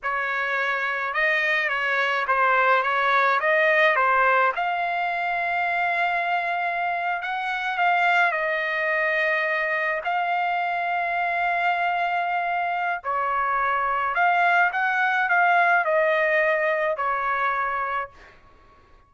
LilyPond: \new Staff \with { instrumentName = "trumpet" } { \time 4/4 \tempo 4 = 106 cis''2 dis''4 cis''4 | c''4 cis''4 dis''4 c''4 | f''1~ | f''8. fis''4 f''4 dis''4~ dis''16~ |
dis''4.~ dis''16 f''2~ f''16~ | f''2. cis''4~ | cis''4 f''4 fis''4 f''4 | dis''2 cis''2 | }